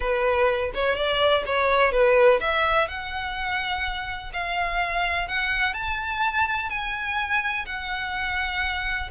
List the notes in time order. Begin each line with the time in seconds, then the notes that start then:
0.00 B4
0.74 C#5
0.95 D5
1.46 C#5
1.92 B4
2.40 E5
2.88 F#5
4.33 F5
5.28 F#5
5.73 A5
6.69 G#5
7.66 F#5